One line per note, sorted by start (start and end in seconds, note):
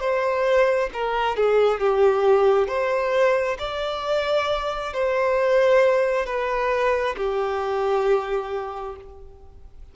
0.00 0.90 C5
0.93 1.36 A#4
1.36 1.80 G#4
1.80 2.67 G4
2.67 3.57 C5
3.59 4.93 D5
4.93 6.26 C5
6.26 7.15 B4
7.17 8.96 G4